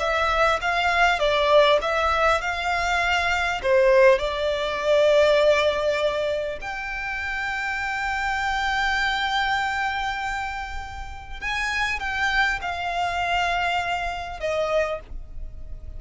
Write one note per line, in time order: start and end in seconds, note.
0.00 0.60 E5
0.61 1.19 F5
1.19 1.79 D5
1.82 2.41 E5
2.41 3.61 F5
3.63 4.19 C5
4.19 6.59 D5
6.61 11.41 G5
11.41 12.00 G#5
12.00 12.60 G5
12.62 14.40 F5
14.40 15.00 D#5